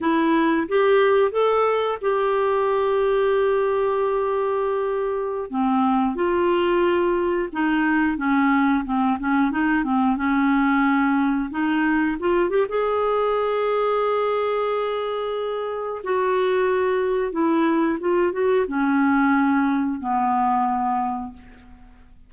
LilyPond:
\new Staff \with { instrumentName = "clarinet" } { \time 4/4 \tempo 4 = 90 e'4 g'4 a'4 g'4~ | g'1~ | g'16 c'4 f'2 dis'8.~ | dis'16 cis'4 c'8 cis'8 dis'8 c'8 cis'8.~ |
cis'4~ cis'16 dis'4 f'8 g'16 gis'4~ | gis'1 | fis'2 e'4 f'8 fis'8 | cis'2 b2 | }